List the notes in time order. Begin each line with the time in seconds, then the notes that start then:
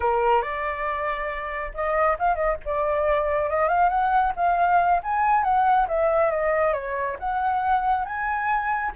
0.00 A#4
0.42 D5
1.74 D#5
2.19 F5
2.35 D#5
2.65 D5
3.49 D#5
3.68 F5
3.89 F#5
4.35 F5
5.03 G#5
5.43 F#5
5.88 E5
6.30 D#5
6.73 C#5
7.19 F#5
8.05 G#5